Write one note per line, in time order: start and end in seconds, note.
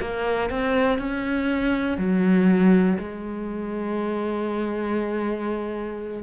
0.00 0.50 A#3
0.50 0.98 C4
0.98 1.97 C#4
1.97 2.97 F#3
2.98 6.23 G#3